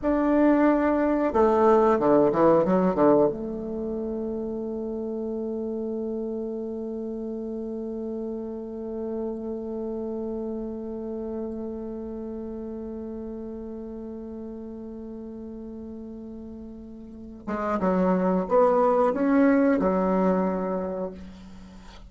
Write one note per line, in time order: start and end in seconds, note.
0.02 1.33 D4
1.33 1.99 A3
1.99 2.32 D3
2.32 2.64 E3
2.64 2.95 F#3
2.95 3.28 D3
3.31 17.46 A3
17.46 17.79 G#3
17.80 18.46 F#3
18.48 19.13 B3
19.13 19.79 C#4
19.79 21.11 F#3